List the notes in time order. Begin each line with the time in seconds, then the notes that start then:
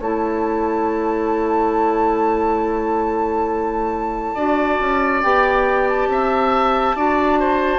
0.00 A3 E4 C#5 A5
4.35 D4 F#4 D5
4.80 C#4
5.23 B3 G4 G5
5.89 A5
6.08 C4 E5
6.95 D4 F#4 D5
7.40 C5